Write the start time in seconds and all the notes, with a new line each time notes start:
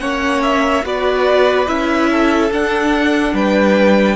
0.00 A#3 C#4 C#5 F#5
0.43 E5
0.83 B3 F#4 B4 D5
1.68 C#4 E4 E5
2.11 A4
2.51 D4 F#5
3.34 G3 B4 G5